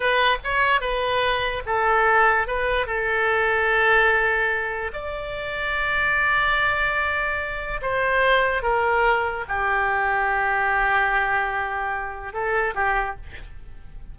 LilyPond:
\new Staff \with { instrumentName = "oboe" } { \time 4/4 \tempo 4 = 146 b'4 cis''4 b'2 | a'2 b'4 a'4~ | a'1 | d''1~ |
d''2. c''4~ | c''4 ais'2 g'4~ | g'1~ | g'2 a'4 g'4 | }